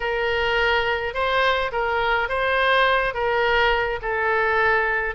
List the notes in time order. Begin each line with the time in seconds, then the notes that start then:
0.00 A#4
1.14 C5
1.72 A#4
2.29 C5
3.14 A#4
4.02 A4